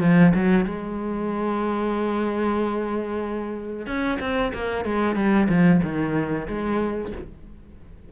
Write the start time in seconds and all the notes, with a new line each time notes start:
0.00 F3
0.35 F#3
0.65 G#3
3.86 C#4
4.20 C4
4.53 A#3
4.85 G#3
5.15 G3
5.49 F3
5.82 D#3
6.47 G#3